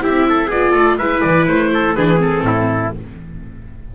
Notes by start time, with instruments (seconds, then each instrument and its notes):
0.00 double bass C4, viola E4, trumpet G4, oboe E5
0.29 trumpet A4
0.47 double bass B3, viola F4, trumpet G#4, oboe D5
0.71 double bass A3, trumpet A4
0.97 double bass G#3, viola E4, trumpet B4, oboe E5
1.21 double bass E3, oboe D5
1.47 double bass A3, oboe C5
1.74 trumpet A4
1.94 double bass E3, viola D4, trumpet G#4, oboe B4
2.17 viola C4, oboe A4
2.41 double bass A2, trumpet E4